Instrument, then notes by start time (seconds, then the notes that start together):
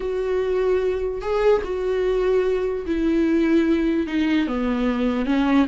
viola
0.00 F#4
1.21 G#4
1.64 F#4
2.86 E4
4.07 D#4
4.47 B3
5.25 C#4